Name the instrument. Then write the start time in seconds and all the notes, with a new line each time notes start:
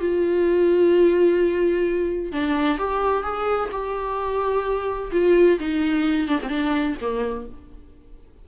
viola
0.00 F4
2.32 D4
2.79 G4
3.23 G#4
3.72 G4
5.12 F4
5.59 D#4
6.28 D4
6.43 C4
6.49 D4
7.01 A#3